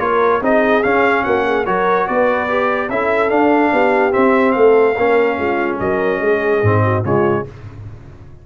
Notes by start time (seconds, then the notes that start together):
0.00 A#3 F4 A#4 C#5
0.42 C4 D#4 G#4 D#5
0.83 C#4 F5
1.24 A#3 F#4 F#5
1.46 G#4
1.66 F#3 F#4 A#4 C#5
2.07 B3 B4 D5
2.49 G4
2.90 C#4 E4 A4 E5
3.30 D4 F5
3.73 B3 G4
4.12 C4 E5
4.52 A3 A4 F5
4.98 A#3 C#4 A#4
5.38 G#3 F4
5.80 F#3 A#4 D#5
6.20 G#3 G#4
6.63 G#2 C4
6.84 F#4
7.04 C#3 G#3 F4 C#5